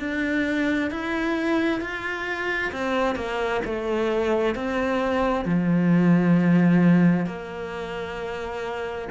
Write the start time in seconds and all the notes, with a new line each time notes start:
0.00 D4
0.91 E4
1.81 F4
2.72 C4
3.16 A#3
3.65 A3
4.55 C4
5.45 F3
7.26 A#3